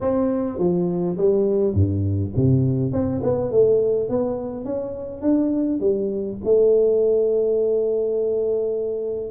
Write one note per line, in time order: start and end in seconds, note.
0.00 0.58 C4
0.58 1.17 F3
1.17 1.73 G3
1.73 2.32 G2
2.36 2.92 C3
2.92 3.21 C4
3.23 3.51 B3
3.51 4.09 A3
4.09 4.64 B3
4.64 5.21 C#4
5.21 5.80 D4
5.80 6.38 G3
6.44 9.30 A3